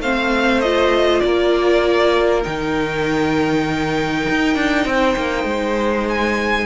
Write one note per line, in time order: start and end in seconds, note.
0.00 1.21 A3
0.00 0.64 C4
0.00 1.23 C5
0.00 0.61 F5
0.61 2.43 F4
0.61 1.20 D#5
1.20 2.45 A#3
1.20 4.88 A#4
1.20 2.41 D5
2.43 4.28 D#3
2.43 6.66 D#4
2.43 6.08 G5
4.30 4.56 D#4
4.56 4.86 D4
4.86 5.16 C4
4.86 6.66 C5
5.17 5.45 A#3
5.45 6.66 G#3
6.09 6.66 G#5